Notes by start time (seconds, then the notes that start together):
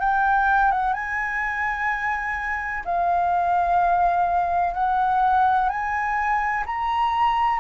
0.00 G5
0.71 F#5
0.94 G#5
2.85 F5
4.74 F#5
5.70 G#5
6.66 A#5